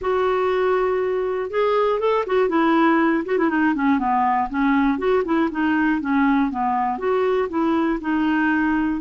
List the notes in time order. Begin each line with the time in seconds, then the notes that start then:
0.01 F#4
1.50 G#4
1.99 A4
2.26 F#4
2.49 E4
3.25 F#4
3.38 E4
3.49 D#4
3.75 C#4
3.98 B3
4.49 C#4
4.98 F#4
5.24 E4
5.51 D#4
6.00 C#4
6.50 B3
6.98 F#4
7.49 E4
8.00 D#4